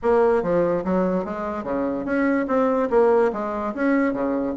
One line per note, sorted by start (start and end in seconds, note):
0.02 0.42 A#3
0.42 0.84 F3
0.84 1.25 F#3
1.25 1.63 G#3
1.63 2.05 C#3
2.05 2.46 C#4
2.47 2.89 C4
2.90 3.31 A#3
3.32 3.74 G#3
3.74 4.13 C#4
4.13 4.54 C#3